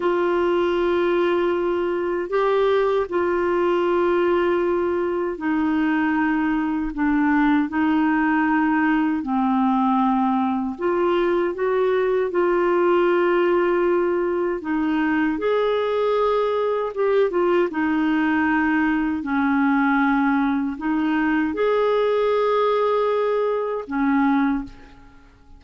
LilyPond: \new Staff \with { instrumentName = "clarinet" } { \time 4/4 \tempo 4 = 78 f'2. g'4 | f'2. dis'4~ | dis'4 d'4 dis'2 | c'2 f'4 fis'4 |
f'2. dis'4 | gis'2 g'8 f'8 dis'4~ | dis'4 cis'2 dis'4 | gis'2. cis'4 | }